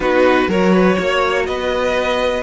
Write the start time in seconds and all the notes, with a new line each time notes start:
0.00 B3 D#4 F#4 B4
0.48 F#3 F#4 A#4 C#5
0.73 B4
0.96 A#3 C#5
1.46 B3 B4 D#5